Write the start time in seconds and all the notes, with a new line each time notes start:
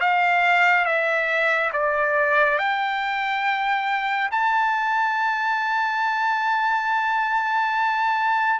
0.00 F5
0.85 E5
1.73 D5
2.58 G5
4.31 A5